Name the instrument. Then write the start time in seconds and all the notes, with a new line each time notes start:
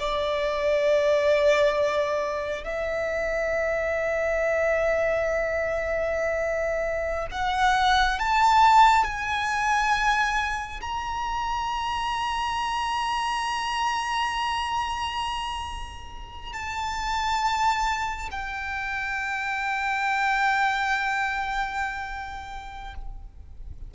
violin
0.00 D5
2.64 E5
7.31 F#5
8.19 A5
9.04 G#5
10.81 A#5
16.53 A5
18.31 G5